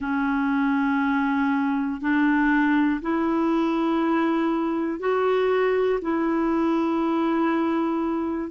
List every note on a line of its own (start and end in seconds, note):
0.00 2.00 C#4
2.00 3.00 D4
3.01 5.00 E4
5.00 6.00 F#4
6.01 8.50 E4